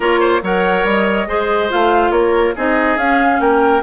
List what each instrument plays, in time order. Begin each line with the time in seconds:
0.00 bassoon A#3, clarinet F4, oboe A#4, flute C#5
0.20 oboe C5
0.42 bassoon F#3, clarinet A#4, oboe C#5, flute F#5
0.84 bassoon G3, flute D#5
1.27 bassoon G#3, clarinet G#4, oboe C5
1.69 bassoon A3, clarinet F4, flute F5
2.10 bassoon A#3, oboe A#4, flute C#5
2.55 bassoon C4, clarinet D#4, oboe G#4, flute D#5
2.96 bassoon C#4, clarinet C#4, flute F5
3.40 bassoon A#3, oboe A#4, flute G5